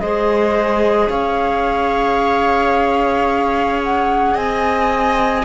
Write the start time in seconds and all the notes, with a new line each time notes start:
0.00 G#3 G#4 C5 D#5
1.10 C#4 C#5 F5
3.83 F#5
4.35 C4 D#5 G#5